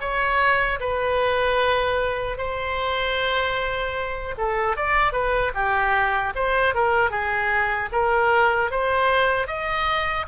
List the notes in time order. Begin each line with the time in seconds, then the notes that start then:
0.00 C#5
0.80 B4
2.37 C5
4.37 A4
4.76 D5
5.12 B4
5.54 G4
6.35 C5
6.74 A#4
7.10 G#4
7.91 A#4
8.71 C5
9.47 D#5